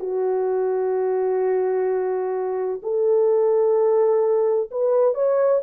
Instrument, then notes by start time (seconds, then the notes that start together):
horn
0.00 F#4
2.83 A4
4.71 B4
5.14 C#5